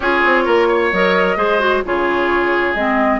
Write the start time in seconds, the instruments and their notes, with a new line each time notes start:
0.00 bassoon C#4, clarinet F4, oboe G#4, flute C#5
0.25 bassoon C4
0.44 bassoon A#3, oboe A#4
0.67 oboe C#5
0.92 bassoon F#3, clarinet A#4, flute D#5
1.36 bassoon G#3, clarinet G#4, oboe C5
1.59 clarinet F#4
1.85 bassoon C#3, clarinet F4, oboe G#4, flute C#5
2.74 bassoon G#3, clarinet C4, flute D#5